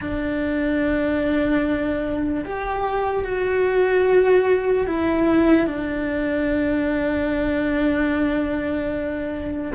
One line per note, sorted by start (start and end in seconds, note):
0.01 2.44 D4
2.44 3.24 G4
3.24 4.86 F#4
4.86 5.66 E4
5.66 9.72 D4